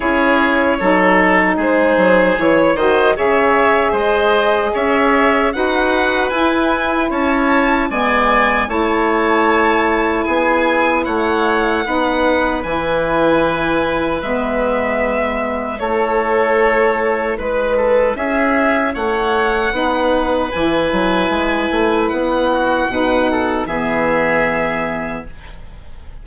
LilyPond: <<
  \new Staff \with { instrumentName = "violin" } { \time 4/4 \tempo 4 = 76 cis''2 c''4 cis''8 dis''8 | e''4 dis''4 e''4 fis''4 | gis''4 a''4 gis''4 a''4~ | a''4 gis''4 fis''2 |
gis''2 e''2 | cis''2 b'4 e''4 | fis''2 gis''2 | fis''2 e''2 | }
  \new Staff \with { instrumentName = "oboe" } { \time 4/4 gis'4 a'4 gis'4. c''8 | cis''4 c''4 cis''4 b'4~ | b'4 cis''4 d''4 cis''4~ | cis''4 gis'4 cis''4 b'4~ |
b'1 | a'2 b'8 a'8 gis'4 | cis''4 b'2.~ | b'8 fis'8 b'8 a'8 gis'2 | }
  \new Staff \with { instrumentName = "saxophone" } { \time 4/4 e'4 dis'2 e'8 fis'8 | gis'2. fis'4 | e'2 b4 e'4~ | e'2. dis'4 |
e'2 b2 | e'1~ | e'4 dis'4 e'2~ | e'4 dis'4 b2 | }
  \new Staff \with { instrumentName = "bassoon" } { \time 4/4 cis'4 fis4 gis8 fis8 e8 dis8 | cis4 gis4 cis'4 dis'4 | e'4 cis'4 gis4 a4~ | a4 b4 a4 b4 |
e2 gis2 | a2 gis4 cis'4 | a4 b4 e8 fis8 gis8 a8 | b4 b,4 e2 | }
>>